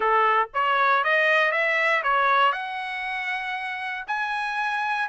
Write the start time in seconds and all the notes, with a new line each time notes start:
0.00 A4
0.53 C#5
1.04 D#5
1.51 E5
2.03 C#5
2.52 F#5
4.07 G#5